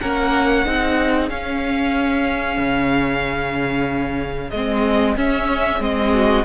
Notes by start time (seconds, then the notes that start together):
0.00 A#3 C#4 A#4 F#5
0.66 C4 D#4 G#4
1.29 C#4 F5
2.58 C#3
4.50 G#3 C4 D#5
5.17 C#4 E5
5.80 G#3 C4 D#5
6.13 F#4